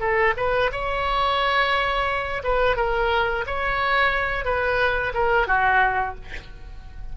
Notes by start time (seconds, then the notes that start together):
0.00 A4
0.37 B4
0.72 C#5
2.44 B4
2.76 A#4
3.46 C#5
4.45 B4
5.14 A#4
5.47 F#4